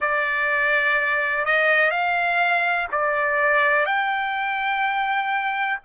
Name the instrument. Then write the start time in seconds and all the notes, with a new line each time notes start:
trumpet
0.00 D5
1.45 D#5
1.90 F5
2.91 D5
3.85 G5